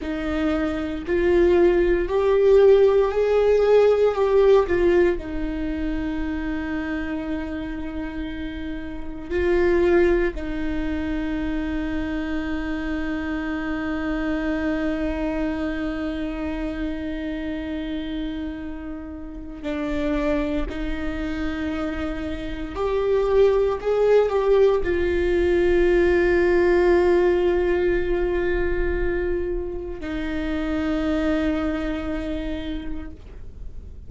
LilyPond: \new Staff \with { instrumentName = "viola" } { \time 4/4 \tempo 4 = 58 dis'4 f'4 g'4 gis'4 | g'8 f'8 dis'2.~ | dis'4 f'4 dis'2~ | dis'1~ |
dis'2. d'4 | dis'2 g'4 gis'8 g'8 | f'1~ | f'4 dis'2. | }